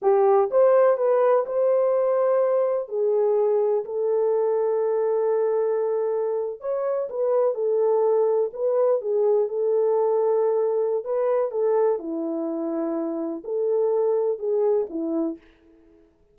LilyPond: \new Staff \with { instrumentName = "horn" } { \time 4/4 \tempo 4 = 125 g'4 c''4 b'4 c''4~ | c''2 gis'2 | a'1~ | a'4.~ a'16 cis''4 b'4 a'16~ |
a'4.~ a'16 b'4 gis'4 a'16~ | a'2. b'4 | a'4 e'2. | a'2 gis'4 e'4 | }